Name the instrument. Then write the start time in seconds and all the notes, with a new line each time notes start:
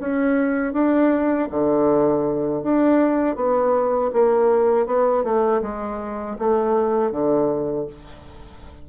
bassoon
0.00 C#4
0.73 D4
1.51 D3
2.63 D4
3.36 B3
4.13 A#3
4.86 B3
5.24 A3
5.62 G#3
6.39 A3
7.11 D3